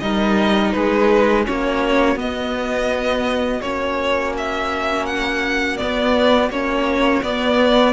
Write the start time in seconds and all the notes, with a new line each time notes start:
0.00 G3 D#4 A#4 D#5
0.72 G#3 G#4 B4
1.44 A#3 C#4 F#4 C#5
2.16 B3 D#5
3.62 A#3 C#4 C#5
4.38 E5
5.06 F#5
5.77 B3 D5
6.50 A#3 C#4 C#5
7.23 B3 D5